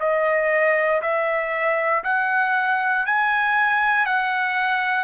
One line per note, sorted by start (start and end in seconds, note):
0.00 1.02 D#5
1.02 2.03 E5
2.04 3.06 F#5
3.06 4.06 G#5
4.06 5.04 F#5